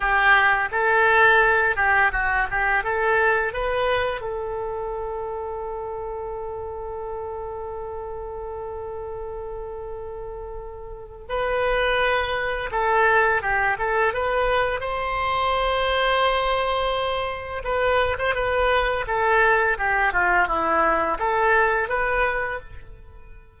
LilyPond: \new Staff \with { instrumentName = "oboe" } { \time 4/4 \tempo 4 = 85 g'4 a'4. g'8 fis'8 g'8 | a'4 b'4 a'2~ | a'1~ | a'1 |
b'2 a'4 g'8 a'8 | b'4 c''2.~ | c''4 b'8. c''16 b'4 a'4 | g'8 f'8 e'4 a'4 b'4 | }